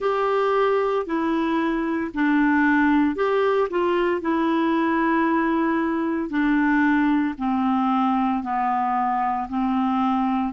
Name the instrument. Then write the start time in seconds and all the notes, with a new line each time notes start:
clarinet
0.00 G4
1.05 E4
2.13 D4
3.15 G4
3.69 F4
4.21 E4
6.29 D4
7.38 C4
8.43 B3
9.49 C4